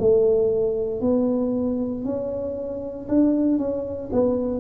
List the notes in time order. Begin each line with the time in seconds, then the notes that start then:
0.00 A3
1.01 B3
2.05 C#4
3.08 D4
3.58 C#4
4.12 B3